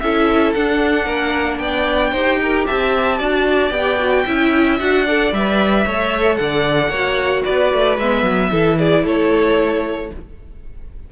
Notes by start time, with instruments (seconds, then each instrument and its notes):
0.00 cello C#4, viola E4, violin A4 E5
0.54 cello D4, viola D4, violin F#5
1.06 cello A#3, violin A#4
1.59 cello B3, violin D5 G5
2.12 cello D#4, viola G4, violin C5
2.42 violin A#4
2.66 cello C4, violin E5 A5
3.19 cello D4, viola F#4, violin D5
3.70 cello B3, viola G4, violin G5
3.99 viola F#4
4.26 cello C#4, viola E4, violin E5
4.80 cello D4, viola F#4, violin F#5
5.06 viola A4, violin D5
5.32 cello G3, viola B4, violin E5
5.85 cello A3, viola A4, violin C#5
6.36 cello D3, violin D5 F#5
6.88 cello A#3, viola F#4, violin C#5
7.45 cello B3, violin B4 D5
7.73 cello A3
7.98 cello G#3, viola B3, violin E5
8.23 cello F#3
8.51 cello E3, viola E4, violin A4
8.78 violin G#4 D5
9.05 cello A3, violin A4 C#5